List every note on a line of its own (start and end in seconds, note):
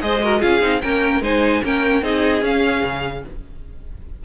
0.00 0.42 G#3
0.00 0.20 G#4
0.00 0.23 C5
0.00 0.41 D#5
0.23 0.40 F#4
0.23 0.39 A#4
0.39 0.61 C#4
0.39 0.60 F4
0.39 0.79 G#4
0.39 0.81 F5
0.60 0.81 C4
0.60 0.80 D#4
0.81 1.20 A#3
0.81 1.22 C#4
0.81 1.22 A#4
0.81 1.21 G5
1.20 1.60 G#3
1.20 1.62 D#4
1.20 1.63 C5
1.20 1.64 G#5
1.62 2.02 A#3
1.62 2.01 C#4
1.62 2.03 A#4
1.62 2.03 G5
2.01 2.41 C4
2.01 2.42 D#4
2.01 3.23 G#4
2.01 2.43 D#5
2.41 2.81 C#4
2.41 3.23 C#4
2.41 3.24 F5
2.83 3.24 C#3